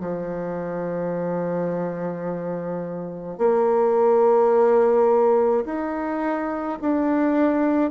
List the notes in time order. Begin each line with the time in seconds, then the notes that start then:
0.00 F3
3.38 A#3
5.65 D#4
6.81 D4